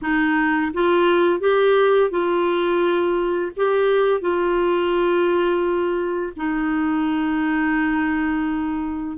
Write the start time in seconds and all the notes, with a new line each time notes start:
0.01 D#4
0.73 F4
1.40 G4
2.10 F4
3.56 G4
4.20 F4
6.36 D#4